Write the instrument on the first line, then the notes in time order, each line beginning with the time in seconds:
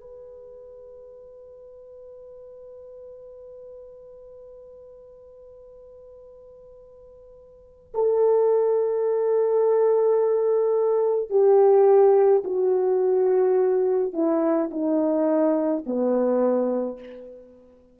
horn
0.00 B4
7.94 A4
11.29 G4
12.44 F#4
14.13 E4
14.71 D#4
15.86 B3